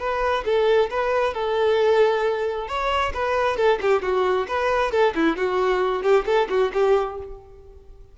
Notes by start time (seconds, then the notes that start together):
0.00 B4
0.45 A4
0.91 B4
1.34 A4
2.68 C#5
3.14 B4
3.57 A4
3.82 G4
4.03 F#4
4.48 B4
4.92 A4
5.15 E4
5.37 F#4
6.03 G4
6.26 A4
6.50 F#4
6.74 G4